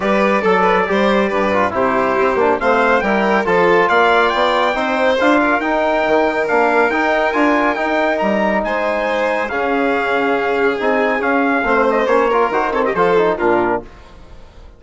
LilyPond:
<<
  \new Staff \with { instrumentName = "trumpet" } { \time 4/4 \tempo 4 = 139 d''1 | c''2 f''4 g''4 | a''4 f''4 g''2 | f''4 g''2 f''4 |
g''4 gis''4 g''4 ais''4 | gis''2 f''2~ | f''4 gis''4 f''4. dis''8 | cis''4 c''8 cis''16 dis''16 c''4 ais'4 | }
  \new Staff \with { instrumentName = "violin" } { \time 4/4 b'4 a'8 b'8 c''4 b'4 | g'2 c''4 ais'4 | a'4 d''2 c''4~ | c''8 ais'2.~ ais'8~ |
ais'1 | c''2 gis'2~ | gis'2. c''4~ | c''8 ais'4 a'16 g'16 a'4 f'4 | }
  \new Staff \with { instrumentName = "trombone" } { \time 4/4 g'4 a'4 g'4. f'8 | e'4. d'8 c'4 e'4 | f'2. dis'4 | f'4 dis'2 d'4 |
dis'4 f'4 dis'2~ | dis'2 cis'2~ | cis'4 dis'4 cis'4 c'4 | cis'8 f'8 fis'8 c'8 f'8 dis'8 d'4 | }
  \new Staff \with { instrumentName = "bassoon" } { \time 4/4 g4 fis4 g4 g,4 | c4 c'8 ais8 a4 g4 | f4 ais4 b4 c'4 | d'4 dis'4 dis4 ais4 |
dis'4 d'4 dis'4 g4 | gis2 cis2~ | cis4 c'4 cis'4 a4 | ais4 dis4 f4 ais,4 | }
>>